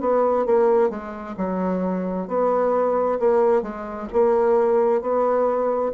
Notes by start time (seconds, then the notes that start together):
0.00 B3
0.46 A#3
0.90 G#3
1.37 F#3
2.28 B3
3.19 A#3
3.62 G#3
4.12 A#3
5.01 B3